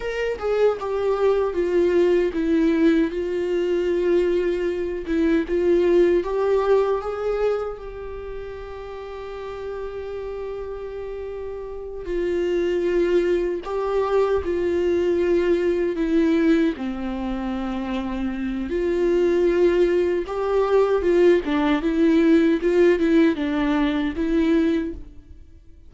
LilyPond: \new Staff \with { instrumentName = "viola" } { \time 4/4 \tempo 4 = 77 ais'8 gis'8 g'4 f'4 e'4 | f'2~ f'8 e'8 f'4 | g'4 gis'4 g'2~ | g'2.~ g'8 f'8~ |
f'4. g'4 f'4.~ | f'8 e'4 c'2~ c'8 | f'2 g'4 f'8 d'8 | e'4 f'8 e'8 d'4 e'4 | }